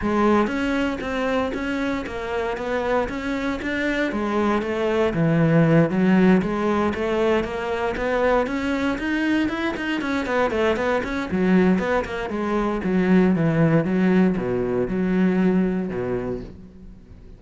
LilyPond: \new Staff \with { instrumentName = "cello" } { \time 4/4 \tempo 4 = 117 gis4 cis'4 c'4 cis'4 | ais4 b4 cis'4 d'4 | gis4 a4 e4. fis8~ | fis8 gis4 a4 ais4 b8~ |
b8 cis'4 dis'4 e'8 dis'8 cis'8 | b8 a8 b8 cis'8 fis4 b8 ais8 | gis4 fis4 e4 fis4 | b,4 fis2 b,4 | }